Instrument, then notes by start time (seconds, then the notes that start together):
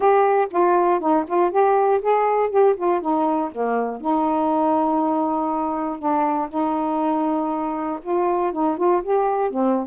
saxophone
0.00 G4
0.50 F4
1.00 D#4
1.27 F4
1.51 G4
2.01 G#4
2.50 G4
2.76 F4
3.01 D#4
3.51 A#3
4.00 D#4
5.99 D4
6.49 D#4
8.02 F4
8.52 D#4
8.77 F4
9.03 G4
9.50 C4